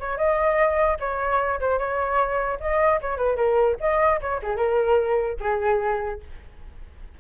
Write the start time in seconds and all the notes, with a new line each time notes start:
0.00 C#5
0.17 D#5
1.00 C#5
1.60 C5
1.78 C#5
2.60 D#5
3.01 C#5
3.17 B4
3.36 A#4
3.80 D#5
4.21 C#5
4.43 G#4
4.57 A#4
5.40 G#4